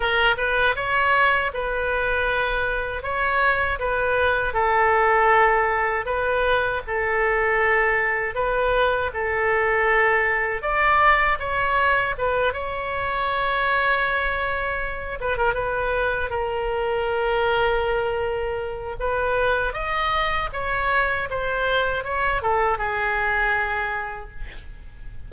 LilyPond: \new Staff \with { instrumentName = "oboe" } { \time 4/4 \tempo 4 = 79 ais'8 b'8 cis''4 b'2 | cis''4 b'4 a'2 | b'4 a'2 b'4 | a'2 d''4 cis''4 |
b'8 cis''2.~ cis''8 | b'16 ais'16 b'4 ais'2~ ais'8~ | ais'4 b'4 dis''4 cis''4 | c''4 cis''8 a'8 gis'2 | }